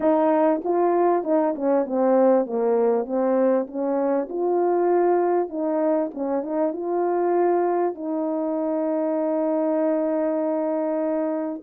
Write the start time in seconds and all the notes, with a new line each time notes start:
0.00 D#4
0.64 F4
1.23 D#4
1.55 C#4
1.85 C4
2.45 A#3
3.05 C4
3.67 C#4
4.29 F4
5.49 D#4
6.14 C#4
6.42 D#4
6.72 F4
7.94 D#4